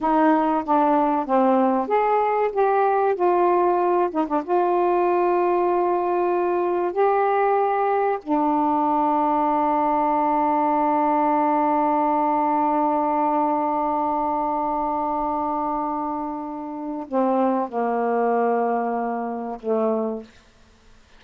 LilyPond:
\new Staff \with { instrumentName = "saxophone" } { \time 4/4 \tempo 4 = 95 dis'4 d'4 c'4 gis'4 | g'4 f'4. dis'16 d'16 f'4~ | f'2. g'4~ | g'4 d'2.~ |
d'1~ | d'1~ | d'2. c'4 | ais2. a4 | }